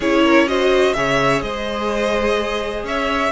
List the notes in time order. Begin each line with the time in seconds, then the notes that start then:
0.00 C#4 E4 G#4 C#5
0.23 A#4
0.47 F#4 C5 D#5
0.93 C#3 G#4 C#5 E5
1.41 G#3 C5 D#5
2.83 C#4 C#5 E5